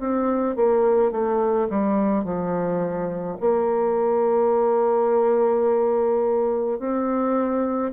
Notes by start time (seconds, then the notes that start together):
0.00 C4
0.57 A#3
1.12 A3
1.70 G3
2.25 F3
3.41 A#3
6.79 C4